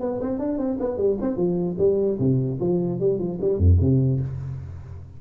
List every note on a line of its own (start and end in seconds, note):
0.00 0.20 B3
0.21 0.39 C4
0.39 0.58 D4
0.58 0.78 C4
0.79 0.97 B3
0.97 1.17 G3
1.21 1.36 C4
1.36 1.76 F3
1.78 2.18 G3
2.19 2.59 C3
2.60 3.00 F3
3.00 3.19 G3
3.19 3.39 F3
3.41 3.58 G3
3.58 3.78 F2
3.80 4.20 C3